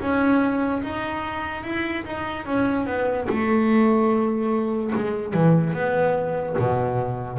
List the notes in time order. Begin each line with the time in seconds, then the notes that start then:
0.00 C#4
0.83 D#4
1.64 E4
2.05 D#4
2.46 C#4
2.87 B3
3.29 A3
4.95 G#3
5.33 E3
5.73 B3
6.58 B2